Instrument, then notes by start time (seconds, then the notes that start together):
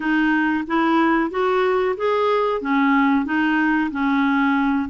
clarinet
0.00 D#4
0.67 E4
1.30 F#4
1.97 G#4
2.61 C#4
3.25 D#4
3.91 C#4